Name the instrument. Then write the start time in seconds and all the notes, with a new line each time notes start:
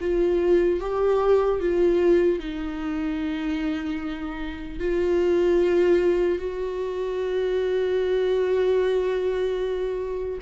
viola
0.00 F4
0.80 G4
1.60 F4
2.39 D#4
4.79 F4
6.39 F#4